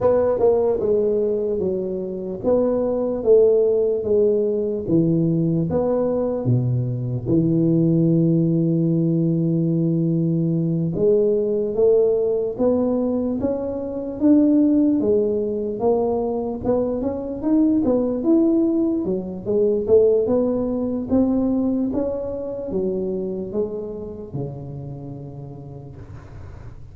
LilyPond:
\new Staff \with { instrumentName = "tuba" } { \time 4/4 \tempo 4 = 74 b8 ais8 gis4 fis4 b4 | a4 gis4 e4 b4 | b,4 e2.~ | e4. gis4 a4 b8~ |
b8 cis'4 d'4 gis4 ais8~ | ais8 b8 cis'8 dis'8 b8 e'4 fis8 | gis8 a8 b4 c'4 cis'4 | fis4 gis4 cis2 | }